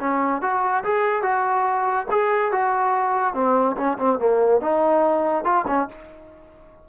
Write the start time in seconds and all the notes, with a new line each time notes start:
0.00 C#4
0.42 F#4
0.84 G#4
1.23 F#4
2.11 G#4
2.52 F#4
3.35 C4
3.77 C#4
3.99 C4
4.19 A#3
4.61 D#4
5.45 F4
5.68 C#4